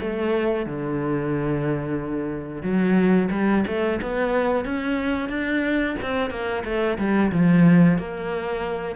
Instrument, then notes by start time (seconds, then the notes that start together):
cello
0.00 A3
0.66 D3
2.63 F#3
3.31 G3
3.67 A3
4.02 B3
4.65 C#4
5.29 D4
6.02 C4
6.30 A#3
6.65 A3
6.98 G3
7.32 F3
7.98 A#3